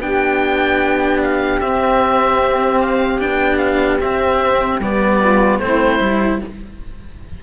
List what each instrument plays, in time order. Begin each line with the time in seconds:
0.00 cello B3 D4, saxophone G4, oboe G5
1.24 oboe F5
1.61 cello C4, oboe E5
2.81 oboe F5
3.20 cello B3 D4, oboe G5
3.58 oboe F5
4.00 cello C4, oboe E5
4.79 cello G3 B3, oboe D5
5.21 saxophone F4
5.59 cello A3 C4, saxophone E4, oboe C5
6.00 cello G3 E4